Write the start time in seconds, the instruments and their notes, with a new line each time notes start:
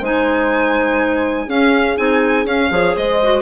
0.00 bassoon G#3, clarinet D#4, horn C5, violin G#5
1.46 clarinet C#4, bassoon C#4, horn G#4, violin F5
1.96 bassoon C4, clarinet D#4, violin G#5
2.45 bassoon C#4, clarinet C#4, violin F5
2.70 bassoon F3, clarinet G#4, horn C#5
2.96 bassoon G#3, horn C5, violin D#5
3.22 clarinet F#4